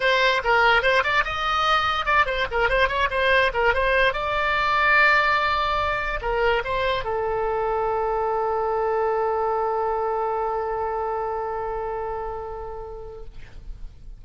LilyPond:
\new Staff \with { instrumentName = "oboe" } { \time 4/4 \tempo 4 = 145 c''4 ais'4 c''8 d''8 dis''4~ | dis''4 d''8 c''8 ais'8 c''8 cis''8 c''8~ | c''8 ais'8 c''4 d''2~ | d''2. ais'4 |
c''4 a'2.~ | a'1~ | a'1~ | a'1 | }